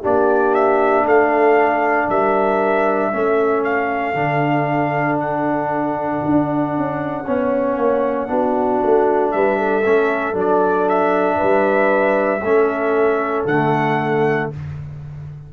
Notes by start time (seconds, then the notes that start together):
0.00 A#3 D4 G4 D5
0.54 E5
1.04 A3 A4 F5
2.09 G3 A#4 E5
3.11 A3 C#4 A4
3.64 F5
4.14 D3 D4
5.19 F#5
6.25 D4
6.76 C#4
7.24 B3 C#4 C#5
7.76 A#3
8.27 B3 D4 F#4
8.83 A3
9.31 G3 B4 E5
9.58 A4
9.84 A3 C#4
10.33 F#3 D4
10.39 D5
10.88 E5
11.37 G3 B4
12.41 A3 C#4 A4
13.45 D3 A3 F#5